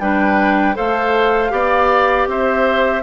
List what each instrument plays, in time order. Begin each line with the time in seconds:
0.00 bassoon G3, clarinet D4, oboe B4, flute G5
0.75 bassoon A3, clarinet A4, oboe C5, flute F5
1.50 bassoon B3, clarinet G4, oboe D5
2.27 bassoon C4, oboe C5, flute E5